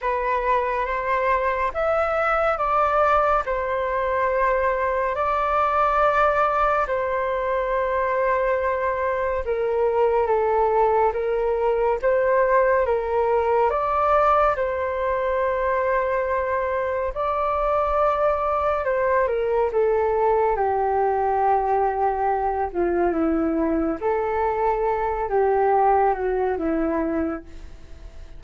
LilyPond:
\new Staff \with { instrumentName = "flute" } { \time 4/4 \tempo 4 = 70 b'4 c''4 e''4 d''4 | c''2 d''2 | c''2. ais'4 | a'4 ais'4 c''4 ais'4 |
d''4 c''2. | d''2 c''8 ais'8 a'4 | g'2~ g'8 f'8 e'4 | a'4. g'4 fis'8 e'4 | }